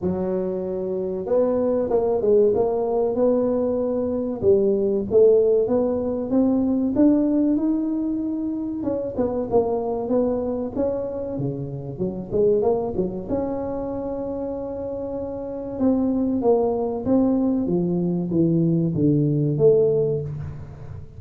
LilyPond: \new Staff \with { instrumentName = "tuba" } { \time 4/4 \tempo 4 = 95 fis2 b4 ais8 gis8 | ais4 b2 g4 | a4 b4 c'4 d'4 | dis'2 cis'8 b8 ais4 |
b4 cis'4 cis4 fis8 gis8 | ais8 fis8 cis'2.~ | cis'4 c'4 ais4 c'4 | f4 e4 d4 a4 | }